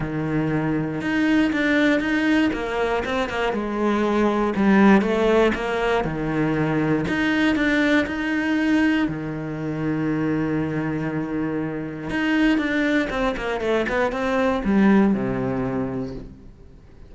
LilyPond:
\new Staff \with { instrumentName = "cello" } { \time 4/4 \tempo 4 = 119 dis2 dis'4 d'4 | dis'4 ais4 c'8 ais8 gis4~ | gis4 g4 a4 ais4 | dis2 dis'4 d'4 |
dis'2 dis2~ | dis1 | dis'4 d'4 c'8 ais8 a8 b8 | c'4 g4 c2 | }